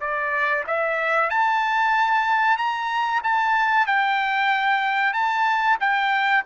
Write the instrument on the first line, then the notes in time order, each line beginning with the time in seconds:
trumpet
0.00 D5
0.67 E5
1.30 A5
2.57 A#5
3.23 A5
3.86 G5
5.13 A5
5.80 G5